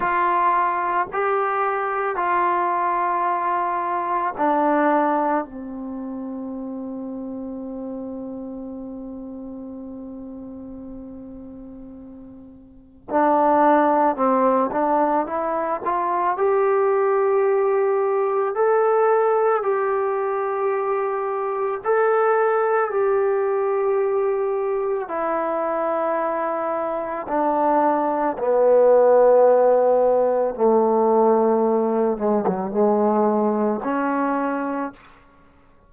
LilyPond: \new Staff \with { instrumentName = "trombone" } { \time 4/4 \tempo 4 = 55 f'4 g'4 f'2 | d'4 c'2.~ | c'1 | d'4 c'8 d'8 e'8 f'8 g'4~ |
g'4 a'4 g'2 | a'4 g'2 e'4~ | e'4 d'4 b2 | a4. gis16 fis16 gis4 cis'4 | }